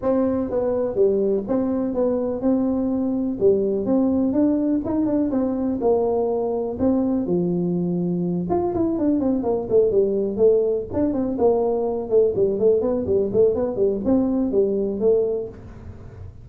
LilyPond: \new Staff \with { instrumentName = "tuba" } { \time 4/4 \tempo 4 = 124 c'4 b4 g4 c'4 | b4 c'2 g4 | c'4 d'4 dis'8 d'8 c'4 | ais2 c'4 f4~ |
f4. f'8 e'8 d'8 c'8 ais8 | a8 g4 a4 d'8 c'8 ais8~ | ais4 a8 g8 a8 b8 g8 a8 | b8 g8 c'4 g4 a4 | }